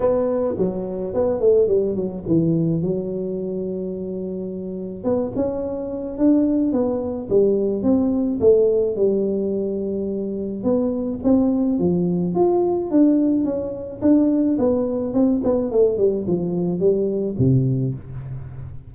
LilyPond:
\new Staff \with { instrumentName = "tuba" } { \time 4/4 \tempo 4 = 107 b4 fis4 b8 a8 g8 fis8 | e4 fis2.~ | fis4 b8 cis'4. d'4 | b4 g4 c'4 a4 |
g2. b4 | c'4 f4 f'4 d'4 | cis'4 d'4 b4 c'8 b8 | a8 g8 f4 g4 c4 | }